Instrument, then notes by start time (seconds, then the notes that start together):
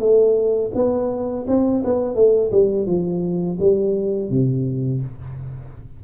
tuba
0.00 A3
0.75 B3
1.48 C4
1.85 B3
2.16 A3
2.52 G3
2.87 F3
3.60 G3
4.30 C3